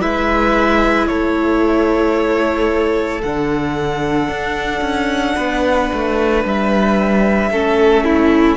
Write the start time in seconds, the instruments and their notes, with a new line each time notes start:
0.00 cello G#3, viola E4, violin B4 E5
1.06 cello A3, violin A4 C#5
3.22 cello D3, viola D4, violin F#5
4.28 cello D4
4.80 cello C#4
5.35 cello B3, violin B4
5.93 cello A3
6.44 cello G3, violin E5
7.50 cello A3, viola C#4, violin A4
8.04 violin E4